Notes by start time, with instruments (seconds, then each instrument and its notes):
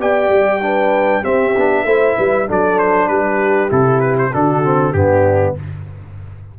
0.00 tuba B3, trombone G4, horn D5, trumpet G5
0.29 tuba G3
0.62 trombone D4, horn B4
1.23 trombone C4, tuba C4, horn G4, trumpet E5
1.56 tuba B3, trombone D4
1.85 tuba A3, trombone E4, horn C5
2.17 tuba G3, horn B4
2.48 tuba F#3, trombone D4, horn A4, trumpet D5
2.79 trumpet C5
3.08 tuba G3, horn G4, trumpet B4
3.69 tuba C3, trombone E4, trumpet A4
4.01 trumpet B4
4.19 trumpet C5
4.32 tuba D3, trombone D4, horn F#4, trumpet A4
4.64 trombone C4
4.93 tuba G2, trombone B3, horn D4, trumpet G4